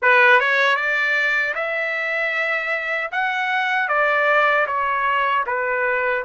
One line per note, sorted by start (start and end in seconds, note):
0.02 0.40 B4
0.40 0.75 C#5
0.75 1.53 D5
1.54 3.10 E5
3.11 3.88 F#5
3.88 4.66 D5
4.66 5.44 C#5
5.46 6.24 B4